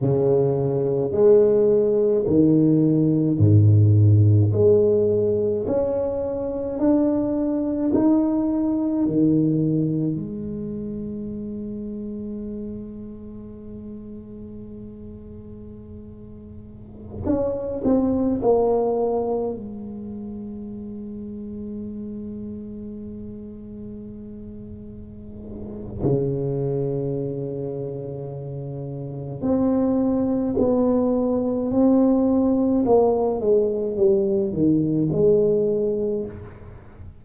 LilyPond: \new Staff \with { instrumentName = "tuba" } { \time 4/4 \tempo 4 = 53 cis4 gis4 dis4 gis,4 | gis4 cis'4 d'4 dis'4 | dis4 gis2.~ | gis2.~ gis16 cis'8 c'16~ |
c'16 ais4 gis2~ gis8.~ | gis2. cis4~ | cis2 c'4 b4 | c'4 ais8 gis8 g8 dis8 gis4 | }